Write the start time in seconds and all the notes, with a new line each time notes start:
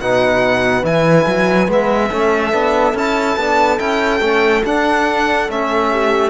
0.00 B2 D#4 B4 F#5
0.83 E3 E4 G#5
1.27 F#3
1.67 G#3 B3 E5
2.10 A3 C#4 A4
2.52 B3 D4
2.94 C#4 E4 A5
3.37 B3 D4
3.78 C#4 E4 G5
4.21 A3 C#4
4.65 D4 F#5
5.48 A3 C#4 E5
5.92 G4